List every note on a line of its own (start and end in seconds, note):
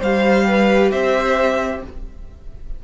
0.00 0.91 G3
0.00 1.84 G4
0.00 0.45 C5
0.00 0.92 F5
0.48 0.91 B4
0.91 1.82 C4
0.91 1.82 C5
0.91 1.83 E5